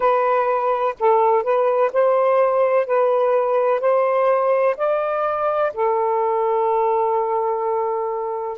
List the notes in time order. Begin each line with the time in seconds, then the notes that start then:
0.00 B4
0.99 A4
1.43 B4
1.92 C5
2.86 B4
3.80 C5
4.76 D5
5.74 A4